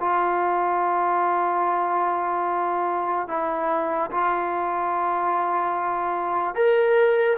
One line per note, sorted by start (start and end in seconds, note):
0.00 3.28 F4
3.28 4.10 E4
4.11 6.55 F4
6.55 7.37 A#4